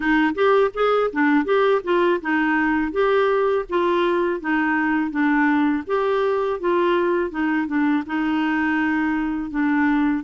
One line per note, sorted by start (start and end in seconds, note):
0.00 0.34 D#4
0.34 0.71 G4
0.74 1.10 G#4
1.12 1.45 D4
1.45 1.81 G4
1.83 2.20 F4
2.21 2.92 D#4
2.92 3.65 G4
3.69 4.40 F4
4.40 5.10 D#4
5.10 5.83 D4
5.86 6.60 G4
6.60 7.30 F4
7.30 7.67 D#4
7.67 8.03 D4
8.06 9.50 D#4
9.50 10.23 D4